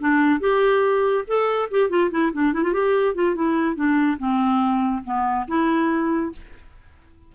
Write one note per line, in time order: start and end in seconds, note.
0.00 0.40 D4
0.40 1.25 G4
1.27 1.69 A4
1.71 1.89 G4
1.89 2.10 F4
2.11 2.32 E4
2.33 2.53 D4
2.53 2.63 E4
2.63 2.73 F4
2.73 3.15 G4
3.15 3.35 F4
3.35 3.75 E4
3.75 4.18 D4
4.19 5.03 C4
5.04 5.46 B3
5.48 6.32 E4